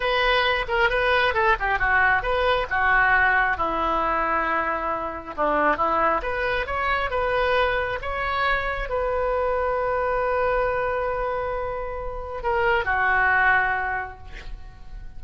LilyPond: \new Staff \with { instrumentName = "oboe" } { \time 4/4 \tempo 4 = 135 b'4. ais'8 b'4 a'8 g'8 | fis'4 b'4 fis'2 | e'1 | d'4 e'4 b'4 cis''4 |
b'2 cis''2 | b'1~ | b'1 | ais'4 fis'2. | }